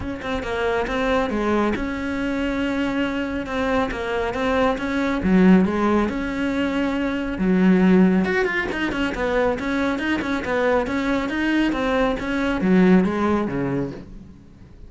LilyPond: \new Staff \with { instrumentName = "cello" } { \time 4/4 \tempo 4 = 138 cis'8 c'8 ais4 c'4 gis4 | cis'1 | c'4 ais4 c'4 cis'4 | fis4 gis4 cis'2~ |
cis'4 fis2 fis'8 f'8 | dis'8 cis'8 b4 cis'4 dis'8 cis'8 | b4 cis'4 dis'4 c'4 | cis'4 fis4 gis4 cis4 | }